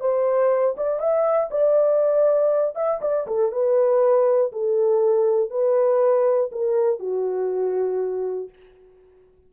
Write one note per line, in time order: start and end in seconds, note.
0.00 0.75 C5
0.77 0.99 D5
0.99 1.49 E5
1.50 2.75 D5
2.75 3.00 E5
3.01 3.26 D5
3.27 3.52 A4
3.52 4.52 B4
4.52 5.50 A4
5.50 6.50 B4
6.51 6.99 A#4
6.99 8.49 F#4